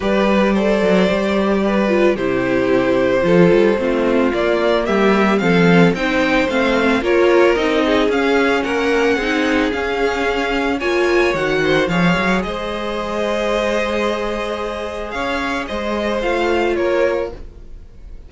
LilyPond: <<
  \new Staff \with { instrumentName = "violin" } { \time 4/4 \tempo 4 = 111 d''1 | c''1 | d''4 e''4 f''4 g''4 | f''4 cis''4 dis''4 f''4 |
fis''2 f''2 | gis''4 fis''4 f''4 dis''4~ | dis''1 | f''4 dis''4 f''4 cis''4 | }
  \new Staff \with { instrumentName = "violin" } { \time 4/4 b'4 c''2 b'4 | g'2 a'4 f'4~ | f'4 g'4 a'4 c''4~ | c''4 ais'4. gis'4. |
ais'4 gis'2. | cis''4. c''8 cis''4 c''4~ | c''1 | cis''4 c''2 ais'4 | }
  \new Staff \with { instrumentName = "viola" } { \time 4/4 g'4 a'4 g'4. f'8 | e'2 f'4 c'4 | ais2 c'4 dis'4 | c'4 f'4 dis'4 cis'4~ |
cis'4 dis'4 cis'2 | f'4 fis'4 gis'2~ | gis'1~ | gis'2 f'2 | }
  \new Staff \with { instrumentName = "cello" } { \time 4/4 g4. fis8 g2 | c2 f8 g8 a4 | ais4 g4 f4 c'4 | a4 ais4 c'4 cis'4 |
ais4 c'4 cis'2 | ais4 dis4 f8 fis8 gis4~ | gis1 | cis'4 gis4 a4 ais4 | }
>>